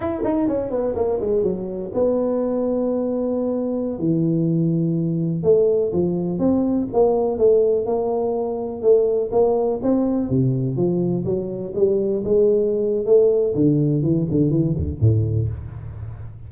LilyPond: \new Staff \with { instrumentName = "tuba" } { \time 4/4 \tempo 4 = 124 e'8 dis'8 cis'8 b8 ais8 gis8 fis4 | b1~ | b16 e2. a8.~ | a16 f4 c'4 ais4 a8.~ |
a16 ais2 a4 ais8.~ | ais16 c'4 c4 f4 fis8.~ | fis16 g4 gis4.~ gis16 a4 | d4 e8 d8 e8 d,8 a,4 | }